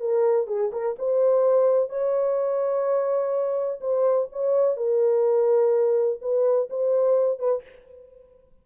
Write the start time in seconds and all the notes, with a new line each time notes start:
0.00 A#4
0.47 G#4
0.72 A#4
0.98 C5
1.89 C#5
3.81 C5
4.32 C#5
4.76 A#4
6.21 B4
6.69 C5
7.39 B4